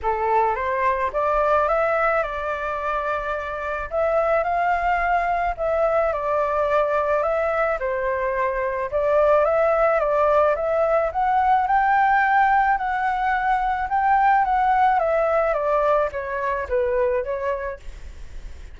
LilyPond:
\new Staff \with { instrumentName = "flute" } { \time 4/4 \tempo 4 = 108 a'4 c''4 d''4 e''4 | d''2. e''4 | f''2 e''4 d''4~ | d''4 e''4 c''2 |
d''4 e''4 d''4 e''4 | fis''4 g''2 fis''4~ | fis''4 g''4 fis''4 e''4 | d''4 cis''4 b'4 cis''4 | }